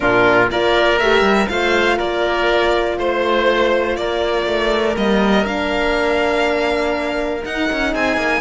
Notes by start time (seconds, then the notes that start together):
0.00 A#2 D4 F4 A#4
0.50 A#3 F4 A#4 D5
0.98 A3 G4 E5
1.21 G3
1.48 A3 F4 C5 F5
1.97 A#3 A#4 D5
2.98 A3 C5
3.96 A#3 A#4 D5
4.46 A3
4.95 G3 A#3 D#5
5.44 A#3 D4 F5
7.42 D#4 F#5
7.72 C#4
7.92 C4 G#4 G#5
8.16 A#3